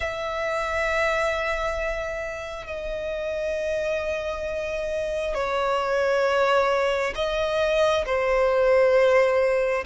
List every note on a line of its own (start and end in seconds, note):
0.00 2.66 E5
2.66 5.34 D#5
5.34 7.13 C#5
7.15 8.04 D#5
8.05 9.84 C5